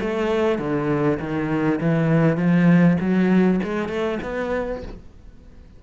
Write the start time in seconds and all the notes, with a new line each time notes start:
0.00 A3
0.59 D3
1.19 D#3
1.81 E3
2.37 F3
3.00 F#3
3.63 G#3
3.88 A3
4.22 B3